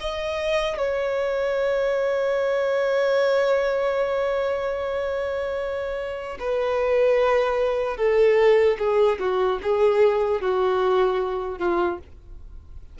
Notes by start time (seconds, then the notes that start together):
0.00 D#5
0.77 C#5
6.39 B4
7.97 A4
8.79 G#4
9.19 F#4
9.63 G#4
10.41 F#4
11.59 F4